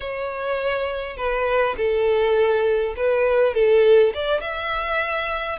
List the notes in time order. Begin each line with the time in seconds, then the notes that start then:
0.00 C#5
1.16 B4
1.77 A4
2.96 B4
3.54 A4
4.13 D5
4.41 E5